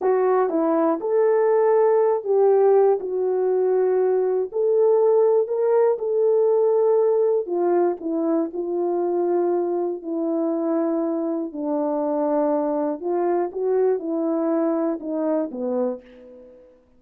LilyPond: \new Staff \with { instrumentName = "horn" } { \time 4/4 \tempo 4 = 120 fis'4 e'4 a'2~ | a'8 g'4. fis'2~ | fis'4 a'2 ais'4 | a'2. f'4 |
e'4 f'2. | e'2. d'4~ | d'2 f'4 fis'4 | e'2 dis'4 b4 | }